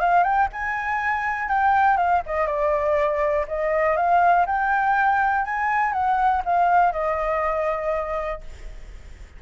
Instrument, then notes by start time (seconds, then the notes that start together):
flute
0.00 F5
0.23 G5
0.53 G#5
1.49 G5
1.97 F5
2.26 D#5
2.47 D5
3.48 D#5
3.96 F5
4.46 G5
5.45 G#5
5.93 F#5
6.45 F5
6.92 D#5